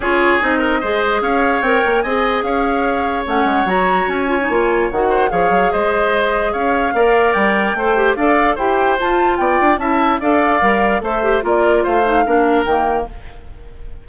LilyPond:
<<
  \new Staff \with { instrumentName = "flute" } { \time 4/4 \tempo 4 = 147 cis''4 dis''2 f''4 | g''4 gis''4 f''2 | fis''4 ais''4 gis''2 | fis''4 f''4 dis''2 |
f''2 g''2 | f''4 g''4 a''4 g''4 | a''4 f''2 e''4 | d''4 f''2 g''4 | }
  \new Staff \with { instrumentName = "oboe" } { \time 4/4 gis'4. ais'8 c''4 cis''4~ | cis''4 dis''4 cis''2~ | cis''1~ | cis''8 c''8 cis''4 c''2 |
cis''4 d''2 c''4 | d''4 c''2 d''4 | e''4 d''2 c''4 | ais'4 c''4 ais'2 | }
  \new Staff \with { instrumentName = "clarinet" } { \time 4/4 f'4 dis'4 gis'2 | ais'4 gis'2. | cis'4 fis'4. f'16 dis'16 f'4 | fis'4 gis'2.~ |
gis'4 ais'2 a'8 g'8 | a'4 g'4 f'2 | e'4 a'4 ais'4 a'8 g'8 | f'4. dis'8 d'4 ais4 | }
  \new Staff \with { instrumentName = "bassoon" } { \time 4/4 cis'4 c'4 gis4 cis'4 | c'8 ais8 c'4 cis'2 | a8 gis8 fis4 cis'4 ais4 | dis4 f8 fis8 gis2 |
cis'4 ais4 g4 a4 | d'4 e'4 f'4 b8 d'8 | cis'4 d'4 g4 a4 | ais4 a4 ais4 dis4 | }
>>